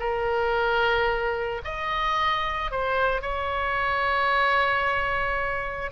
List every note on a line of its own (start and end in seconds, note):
0.00 1.62 A#4
1.65 2.72 D#5
2.72 3.22 C5
3.22 5.92 C#5